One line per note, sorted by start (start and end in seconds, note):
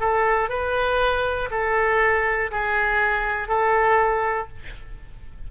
0.00 0.49 A4
0.49 1.49 B4
1.50 2.50 A4
2.50 3.48 G#4
3.48 4.48 A4